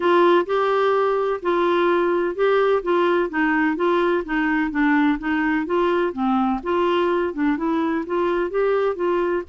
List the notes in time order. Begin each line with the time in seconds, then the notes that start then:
0.00 F4
0.46 G4
1.42 F4
2.35 G4
2.82 F4
3.29 D#4
3.76 F4
4.24 D#4
4.71 D4
5.18 D#4
5.66 F4
6.13 C4
6.63 F4
7.33 D4
7.57 E4
8.06 F4
8.50 G4
8.95 F4